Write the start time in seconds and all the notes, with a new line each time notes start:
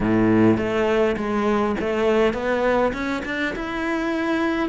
0.00 A2
0.57 A3
1.16 G#3
1.79 A3
2.33 B3
2.93 C#4
3.25 D4
3.55 E4